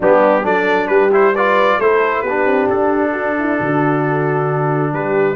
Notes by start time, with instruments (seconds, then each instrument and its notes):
0.00 tuba G3, trombone B3, horn D4, trumpet G4
0.43 tuba F#3, trombone D4, horn A4, trumpet D5
0.87 tuba G3, horn G4, trumpet B4
1.12 trombone E4, trumpet C5
1.34 trombone F4, horn B4, trumpet D5
1.78 tuba A3, trombone E4, horn A4, trumpet C5
2.20 tuba B3, horn G4, trumpet B4
2.28 trombone D4
2.45 tuba C4
2.68 tuba D4, trumpet A4
3.12 horn F#4
3.39 horn E4
3.59 tuba D3, horn F#4
4.92 tuba G3, horn G4, trumpet B4